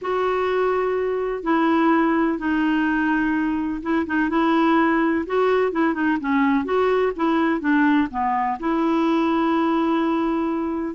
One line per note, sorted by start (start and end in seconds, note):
0.01 1.43 F#4
1.43 2.38 E4
2.38 3.81 D#4
3.82 4.06 E4
4.06 4.29 D#4
4.29 5.25 E4
5.26 5.72 F#4
5.72 5.94 E4
5.94 6.17 D#4
6.20 6.65 C#4
6.65 7.12 F#4
7.16 7.60 E4
7.60 8.08 D4
8.11 8.58 B3
8.59 10.94 E4